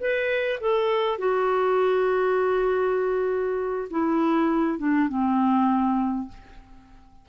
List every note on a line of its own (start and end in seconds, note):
0.00 0.60 B4
0.61 1.19 A4
1.19 3.89 F#4
3.91 4.79 E4
4.79 5.09 D4
5.09 6.29 C4